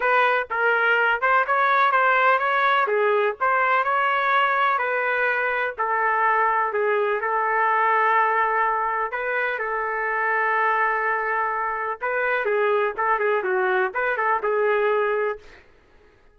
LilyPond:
\new Staff \with { instrumentName = "trumpet" } { \time 4/4 \tempo 4 = 125 b'4 ais'4. c''8 cis''4 | c''4 cis''4 gis'4 c''4 | cis''2 b'2 | a'2 gis'4 a'4~ |
a'2. b'4 | a'1~ | a'4 b'4 gis'4 a'8 gis'8 | fis'4 b'8 a'8 gis'2 | }